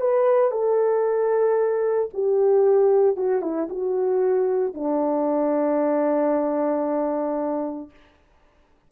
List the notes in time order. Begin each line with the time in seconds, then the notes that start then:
0.00 B4
0.51 A4
2.13 G4
3.16 F#4
3.41 E4
3.69 F#4
4.74 D4